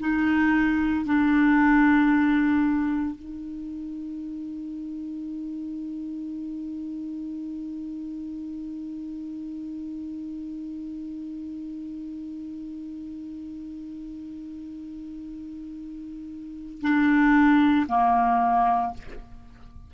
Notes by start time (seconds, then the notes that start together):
0.00 D#4
1.05 D4
3.16 D#4
16.81 D4
17.89 A#3